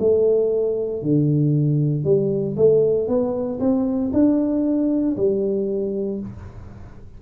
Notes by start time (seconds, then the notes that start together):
0.00 A3
1.03 D3
2.05 G3
2.57 A3
3.08 B3
3.60 C4
4.13 D4
5.17 G3